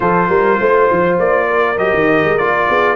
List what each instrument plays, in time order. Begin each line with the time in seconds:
0.00 tuba F3, trombone F4, horn A4, trumpet C5
0.28 tuba G3, horn A#4
0.59 tuba A3, horn C5
0.90 tuba F3
1.18 tuba A#3, trumpet D5
1.49 horn A#4
1.77 tuba F#3, trombone G4, trumpet D#5
1.93 tuba D#3
2.23 tuba G#3
2.37 tuba A#3, trombone F4, trumpet D5
2.67 tuba B3, horn G#4